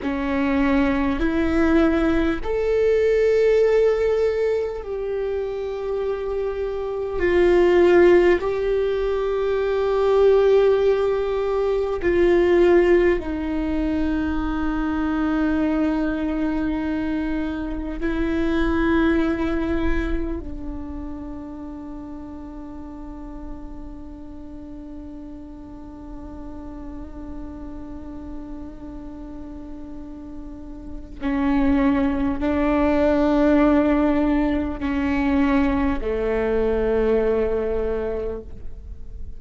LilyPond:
\new Staff \with { instrumentName = "viola" } { \time 4/4 \tempo 4 = 50 cis'4 e'4 a'2 | g'2 f'4 g'4~ | g'2 f'4 dis'4~ | dis'2. e'4~ |
e'4 d'2.~ | d'1~ | d'2 cis'4 d'4~ | d'4 cis'4 a2 | }